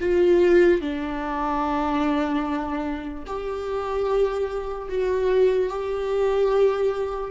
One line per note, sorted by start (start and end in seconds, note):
0.00 0.81 F4
0.81 3.24 D4
3.26 4.88 G4
4.88 5.69 F#4
5.69 7.30 G4